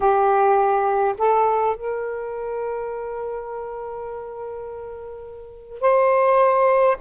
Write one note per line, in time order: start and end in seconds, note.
0.00 1.15 G4
1.18 1.76 A4
1.76 5.80 A#4
5.80 6.97 C5